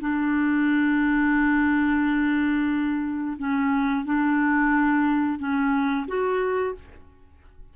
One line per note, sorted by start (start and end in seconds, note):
0.00 3.37 D4
3.39 4.05 C#4
4.05 5.39 D4
5.39 6.06 C#4
6.08 6.75 F#4